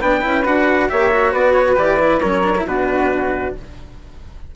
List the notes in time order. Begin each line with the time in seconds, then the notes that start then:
0.00 B3 D4 B4 G5
0.21 C#4 E4
0.45 D4 F#4 F#5
0.89 A#3 G4 C#5 E5
1.12 F#4
1.32 B3 B4 D5
1.52 C#5
1.76 E3 G4 D5
1.99 E4
2.20 F#3 C#4 A#4 C#5
2.43 D4
2.57 E4
2.65 B2 D4 F#4 B4